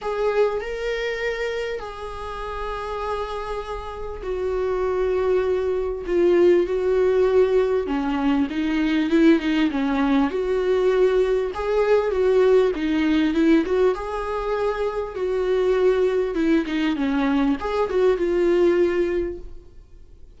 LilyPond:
\new Staff \with { instrumentName = "viola" } { \time 4/4 \tempo 4 = 99 gis'4 ais'2 gis'4~ | gis'2. fis'4~ | fis'2 f'4 fis'4~ | fis'4 cis'4 dis'4 e'8 dis'8 |
cis'4 fis'2 gis'4 | fis'4 dis'4 e'8 fis'8 gis'4~ | gis'4 fis'2 e'8 dis'8 | cis'4 gis'8 fis'8 f'2 | }